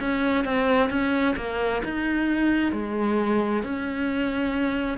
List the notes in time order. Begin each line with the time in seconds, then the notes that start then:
0.00 C#4
0.45 C4
0.90 C#4
1.37 A#3
1.84 D#4
2.73 G#3
3.64 C#4